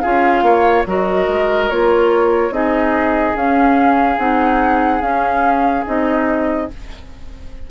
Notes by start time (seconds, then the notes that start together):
0.00 C#4 F4 G#4 F5
0.42 A#3 C#5
0.86 F#3 F#4 A#4 D#5
1.28 G#3
1.69 A#3 F4 C#5
2.51 C4 D#4 G#4 D#5
3.35 C#4 F5
4.18 C4 D#4 F#5
5.01 C#4 F5
5.85 C4 D#4 D#5